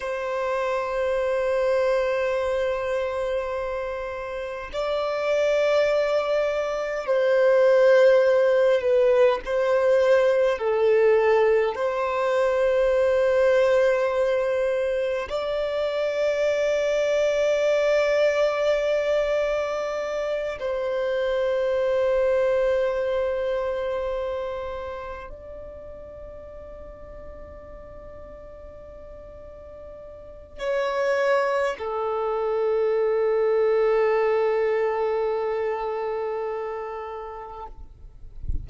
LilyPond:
\new Staff \with { instrumentName = "violin" } { \time 4/4 \tempo 4 = 51 c''1 | d''2 c''4. b'8 | c''4 a'4 c''2~ | c''4 d''2.~ |
d''4. c''2~ c''8~ | c''4. d''2~ d''8~ | d''2 cis''4 a'4~ | a'1 | }